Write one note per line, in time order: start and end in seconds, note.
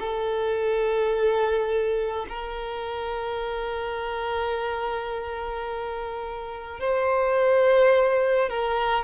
0.00 2.26 A4
2.30 6.80 A#4
6.80 8.50 C5
8.50 9.05 A#4